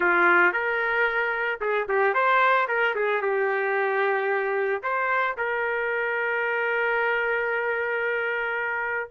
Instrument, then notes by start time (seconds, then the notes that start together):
trumpet
0.00 F4
0.52 A#4
1.60 G#4
1.88 G4
2.14 C5
2.68 A#4
2.95 G#4
3.21 G4
4.82 C5
5.37 A#4